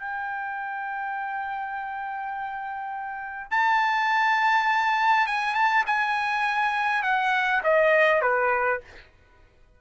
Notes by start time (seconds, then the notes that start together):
0.00 G5
3.51 A5
5.27 G#5
5.55 A5
5.87 G#5
7.03 F#5
7.64 D#5
8.22 B4